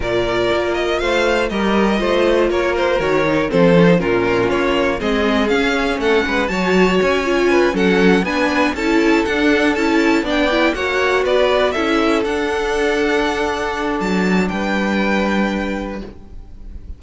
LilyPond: <<
  \new Staff \with { instrumentName = "violin" } { \time 4/4 \tempo 4 = 120 d''4. dis''8 f''4 dis''4~ | dis''4 cis''8 c''8 cis''4 c''4 | ais'4 cis''4 dis''4 f''4 | fis''4 a''4 gis''4. fis''8~ |
fis''8 gis''4 a''4 fis''4 a''8~ | a''8 g''4 fis''4 d''4 e''8~ | e''8 fis''2.~ fis''8 | a''4 g''2. | }
  \new Staff \with { instrumentName = "violin" } { \time 4/4 ais'2 c''4 ais'4 | c''4 ais'2 a'4 | f'2 gis'2 | a'8 b'8 cis''2 b'8 a'8~ |
a'8 b'4 a'2~ a'8~ | a'8 d''4 cis''4 b'4 a'8~ | a'1~ | a'4 b'2. | }
  \new Staff \with { instrumentName = "viola" } { \time 4/4 f'2. g'4 | f'2 fis'8 dis'8 c'8 cis'16 dis'16 | cis'2 c'4 cis'4~ | cis'4 fis'4. f'4 cis'8~ |
cis'8 d'4 e'4 d'4 e'8~ | e'8 d'8 e'8 fis'2 e'8~ | e'8 d'2.~ d'8~ | d'1 | }
  \new Staff \with { instrumentName = "cello" } { \time 4/4 ais,4 ais4 a4 g4 | a4 ais4 dis4 f4 | ais,4 ais4 gis4 cis'4 | a8 gis8 fis4 cis'4. fis8~ |
fis8 b4 cis'4 d'4 cis'8~ | cis'8 b4 ais4 b4 cis'8~ | cis'8 d'2.~ d'8 | fis4 g2. | }
>>